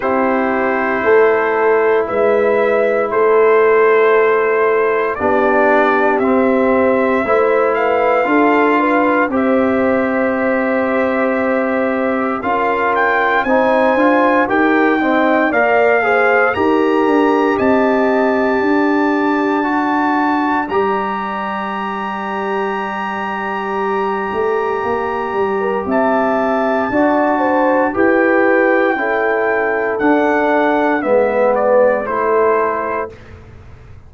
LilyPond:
<<
  \new Staff \with { instrumentName = "trumpet" } { \time 4/4 \tempo 4 = 58 c''2 e''4 c''4~ | c''4 d''4 e''4. f''8~ | f''4 e''2. | f''8 g''8 gis''4 g''4 f''4 |
ais''4 a''2. | ais''1~ | ais''4 a''2 g''4~ | g''4 fis''4 e''8 d''8 c''4 | }
  \new Staff \with { instrumentName = "horn" } { \time 4/4 g'4 a'4 b'4 a'4~ | a'4 g'2 c''8 b'8 | a'8 b'8 c''2. | ais'4 c''4 ais'8 dis''8 d''8 c''8 |
ais'4 dis''4 d''2~ | d''1~ | d''8. ais'16 e''4 d''8 c''8 b'4 | a'2 b'4 a'4 | }
  \new Staff \with { instrumentName = "trombone" } { \time 4/4 e'1~ | e'4 d'4 c'4 e'4 | f'4 g'2. | f'4 dis'8 f'8 g'8 c'8 ais'8 gis'8 |
g'2. fis'4 | g'1~ | g'2 fis'4 g'4 | e'4 d'4 b4 e'4 | }
  \new Staff \with { instrumentName = "tuba" } { \time 4/4 c'4 a4 gis4 a4~ | a4 b4 c'4 a4 | d'4 c'2. | cis'4 c'8 d'8 dis'4 ais4 |
dis'8 d'8 c'4 d'2 | g2.~ g8 a8 | ais8 g8 c'4 d'4 e'4 | cis'4 d'4 gis4 a4 | }
>>